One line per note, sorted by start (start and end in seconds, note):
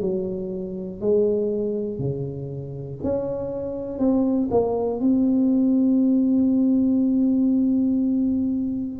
0.00 1.00 F#3
1.00 1.99 G#3
1.99 2.99 C#3
3.03 3.98 C#4
3.98 4.48 C4
4.50 5.00 A#3
5.00 8.99 C4